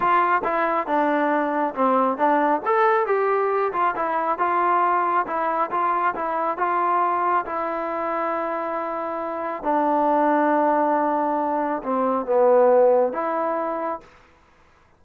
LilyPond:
\new Staff \with { instrumentName = "trombone" } { \time 4/4 \tempo 4 = 137 f'4 e'4 d'2 | c'4 d'4 a'4 g'4~ | g'8 f'8 e'4 f'2 | e'4 f'4 e'4 f'4~ |
f'4 e'2.~ | e'2 d'2~ | d'2. c'4 | b2 e'2 | }